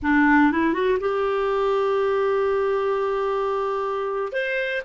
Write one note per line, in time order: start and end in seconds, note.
0.02 0.52 D4
0.52 0.73 E4
0.73 0.98 F#4
1.00 4.32 G4
4.32 4.81 C5